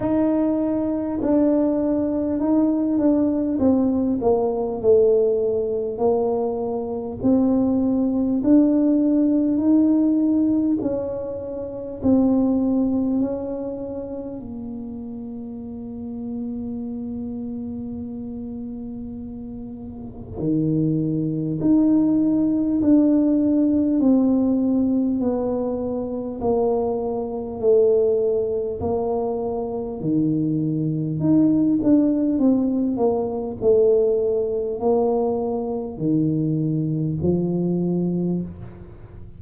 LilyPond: \new Staff \with { instrumentName = "tuba" } { \time 4/4 \tempo 4 = 50 dis'4 d'4 dis'8 d'8 c'8 ais8 | a4 ais4 c'4 d'4 | dis'4 cis'4 c'4 cis'4 | ais1~ |
ais4 dis4 dis'4 d'4 | c'4 b4 ais4 a4 | ais4 dis4 dis'8 d'8 c'8 ais8 | a4 ais4 dis4 f4 | }